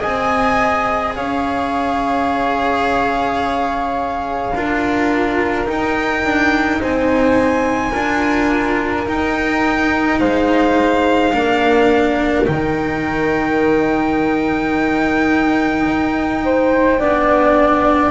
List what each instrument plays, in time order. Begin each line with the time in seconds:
0.00 double bass C4, cello G#4, flute D#5, violin G#5
1.16 double bass C#4, flute C#5, violin F5
4.55 double bass D4, cello F4, flute A#4
5.65 cello D#4, double bass D#4, violin G5
6.25 double bass D4
6.80 double bass C4, flute C5, violin G#5
7.92 double bass D4, cello F4, flute A#4
9.07 cello D#4, double bass D#4, violin G5
10.20 double bass G#3, flute C5, violin F5
11.33 double bass A#3, cello D4, flute A#4
12.46 double bass D#3, cello D#4, violin G5
15.87 double bass D#4
16.45 flute C5
16.99 double bass B3, cello D4, flute D5